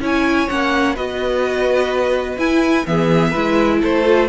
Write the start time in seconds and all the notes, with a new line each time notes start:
0.00 C#4 E4 C#5 G#5
0.49 A#3 C#4 F#5
0.95 B3 F#4 B4 D#5
2.37 E4 G#5
2.86 E3 B3 G#4 E5
3.31 G#3 E4 B4
3.82 A3 A4 C5
4.04 F4